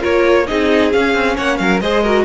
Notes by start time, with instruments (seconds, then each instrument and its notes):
0.00 cello A#3, viola F4, violin A#4 C#5
0.47 cello C4, viola D#4, violin G#4 D#5
0.92 viola C#4, cello C#4, violin F5
1.15 cello C4
1.36 cello A#3, violin C#5 F#5
1.58 cello F#3, violin A#4 F5
1.81 cello G#3, viola G#4, violin C5 D#5
2.03 viola F#4, violin A#4